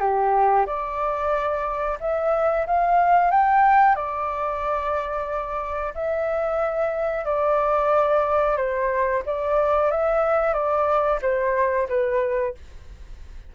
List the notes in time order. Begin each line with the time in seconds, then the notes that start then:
0.00 G4
0.67 D5
2.00 E5
2.67 F5
3.31 G5
3.96 D5
5.95 E5
7.25 D5
8.57 C5
9.26 D5
9.91 E5
10.54 D5
11.22 C5
11.89 B4